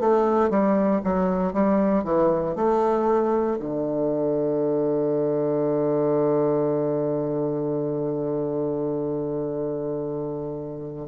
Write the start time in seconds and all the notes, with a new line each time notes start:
0.00 A3
0.50 G3
1.04 F#3
1.53 G3
2.04 E3
2.55 A3
3.60 D3